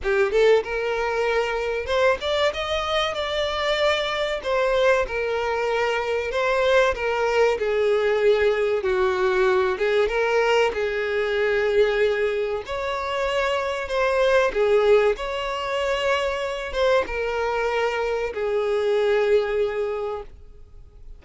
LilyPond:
\new Staff \with { instrumentName = "violin" } { \time 4/4 \tempo 4 = 95 g'8 a'8 ais'2 c''8 d''8 | dis''4 d''2 c''4 | ais'2 c''4 ais'4 | gis'2 fis'4. gis'8 |
ais'4 gis'2. | cis''2 c''4 gis'4 | cis''2~ cis''8 c''8 ais'4~ | ais'4 gis'2. | }